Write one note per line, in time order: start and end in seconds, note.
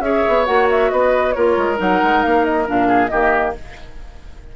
0.00 0.22 C#4
0.00 0.46 G#4
0.00 0.92 C#5
0.00 0.45 E5
0.28 0.48 B3
0.46 0.92 A#3
0.46 1.34 F#4
0.46 0.68 F#5
0.70 0.91 E5
0.91 1.36 B3
0.91 1.35 B4
0.91 1.32 D#5
1.32 1.57 A#3
1.32 1.77 F4
1.32 2.88 A#4
1.32 1.76 C#5
1.57 1.80 G#3
1.77 2.02 F#3
1.77 2.65 D#4
1.77 2.23 F#5
2.03 2.25 G#3
2.23 2.69 A#3
2.23 2.45 F5
2.45 2.67 D#5
2.66 3.12 A#2
2.66 3.10 D4
2.66 3.08 F5
2.88 3.10 G#4
3.08 3.56 D#3
3.08 3.56 A#3
3.08 3.55 G4
3.08 3.52 D#5